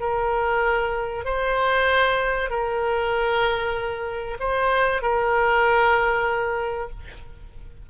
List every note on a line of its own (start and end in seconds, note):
0.00 1.25 A#4
1.25 2.50 C5
2.50 4.38 A#4
4.40 5.02 C5
5.02 6.90 A#4